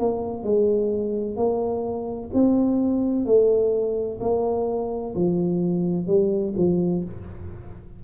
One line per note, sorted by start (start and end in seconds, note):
0.00 0.44 A#3
0.44 1.37 G#3
1.37 2.31 A#3
2.34 3.26 C4
3.26 4.20 A3
4.21 5.14 A#3
5.16 6.07 F3
6.07 6.54 G3
6.58 7.04 F3